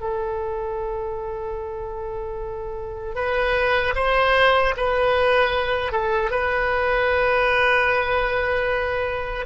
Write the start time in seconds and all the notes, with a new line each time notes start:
0.00 A4
3.15 B4
3.95 C5
4.77 B4
5.92 A4
6.31 B4